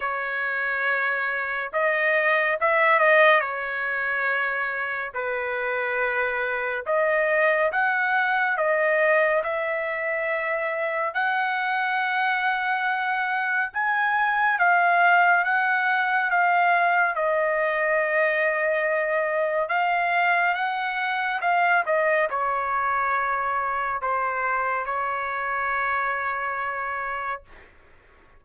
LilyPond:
\new Staff \with { instrumentName = "trumpet" } { \time 4/4 \tempo 4 = 70 cis''2 dis''4 e''8 dis''8 | cis''2 b'2 | dis''4 fis''4 dis''4 e''4~ | e''4 fis''2. |
gis''4 f''4 fis''4 f''4 | dis''2. f''4 | fis''4 f''8 dis''8 cis''2 | c''4 cis''2. | }